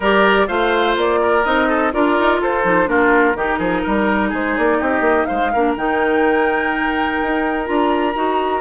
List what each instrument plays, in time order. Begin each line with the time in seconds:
0.00 bassoon G3, clarinet G4, oboe A#4, flute D5
0.47 bassoon A3, clarinet F4, oboe C5, flute F5
0.96 bassoon A#3, flute D5
1.21 oboe A#4
1.44 bassoon C4, clarinet D#4, flute D#5
1.68 oboe A4
1.92 bassoon D4, clarinet F4, oboe A#4, flute D5
2.17 bassoon D#4
2.41 bassoon F4, oboe A4, flute C5
2.64 bassoon F3, clarinet D#4
2.85 bassoon A#3, clarinet D4, oboe F4, flute A#4
3.34 bassoon D#3, clarinet D#4, oboe G4
3.58 bassoon F3, oboe G#4
3.82 bassoon G3, oboe A#4
4.29 bassoon G#3, oboe G#4, flute C5
4.57 bassoon A#3, flute D5
4.79 bassoon C4, oboe G4, flute D#5
5.00 bassoon A#3
5.25 bassoon G#3, oboe C5, flute F5
5.53 bassoon A#3, clarinet D4, oboe A#4
5.76 bassoon D#3, clarinet D#4, flute G5
7.22 bassoon D#4
7.65 bassoon D4, clarinet F4, flute A#5
8.14 bassoon D#4, clarinet F#4